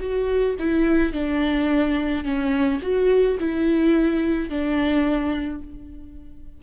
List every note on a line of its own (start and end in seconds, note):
0.00 0.56 F#4
0.59 1.13 E4
1.13 2.25 D4
2.25 2.81 C#4
2.82 3.38 F#4
3.40 4.50 E4
4.50 5.62 D4